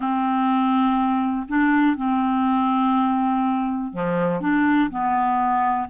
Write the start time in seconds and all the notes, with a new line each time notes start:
0.00 C4
1.48 D4
1.96 C4
3.92 F3
4.40 D4
4.90 B3